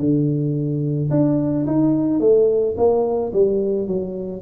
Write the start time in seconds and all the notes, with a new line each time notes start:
0.00 D3
1.11 D4
1.67 D#4
2.21 A3
2.78 A#3
3.33 G3
3.88 F#3